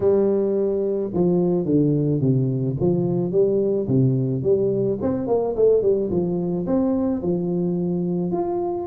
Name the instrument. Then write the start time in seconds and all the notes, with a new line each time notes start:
tuba
0.00 G3
1.13 F3
1.65 D3
2.20 C3
2.80 F3
3.31 G3
3.87 C3
4.43 G3
5.01 C4
5.27 A#3
5.56 A3
5.82 G3
6.10 F3
6.66 C4
7.22 F3
8.31 F4